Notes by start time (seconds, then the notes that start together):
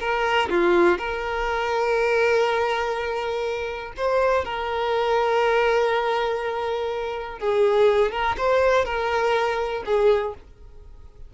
0.00 A#4
0.50 F4
0.98 A#4
3.97 C5
4.45 A#4
7.39 G#4
8.12 A#4
8.38 C5
8.85 A#4
9.86 G#4